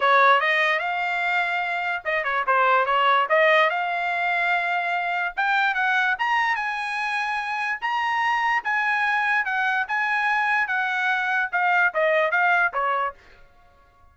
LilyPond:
\new Staff \with { instrumentName = "trumpet" } { \time 4/4 \tempo 4 = 146 cis''4 dis''4 f''2~ | f''4 dis''8 cis''8 c''4 cis''4 | dis''4 f''2.~ | f''4 g''4 fis''4 ais''4 |
gis''2. ais''4~ | ais''4 gis''2 fis''4 | gis''2 fis''2 | f''4 dis''4 f''4 cis''4 | }